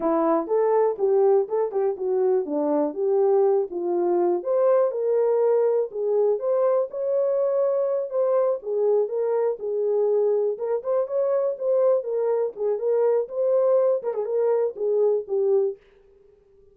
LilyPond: \new Staff \with { instrumentName = "horn" } { \time 4/4 \tempo 4 = 122 e'4 a'4 g'4 a'8 g'8 | fis'4 d'4 g'4. f'8~ | f'4 c''4 ais'2 | gis'4 c''4 cis''2~ |
cis''8 c''4 gis'4 ais'4 gis'8~ | gis'4. ais'8 c''8 cis''4 c''8~ | c''8 ais'4 gis'8 ais'4 c''4~ | c''8 ais'16 gis'16 ais'4 gis'4 g'4 | }